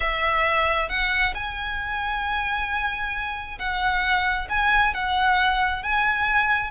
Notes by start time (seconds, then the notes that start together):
0.00 E5
0.89 F#5
1.34 G#5
3.58 F#5
4.49 G#5
4.94 F#5
5.82 G#5